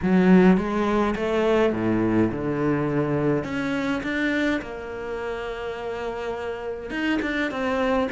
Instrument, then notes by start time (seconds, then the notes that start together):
cello
0.02 F#3
0.57 G#3
1.15 A3
1.73 A2
2.31 D3
3.44 C#4
4.03 D4
4.61 A#3
6.90 D#4
7.22 D4
7.51 C4